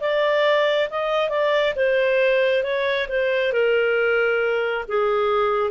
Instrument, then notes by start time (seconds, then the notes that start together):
clarinet
0.00 D5
0.90 D#5
1.30 D5
1.76 C5
2.64 C#5
3.09 C5
3.53 A#4
4.88 G#4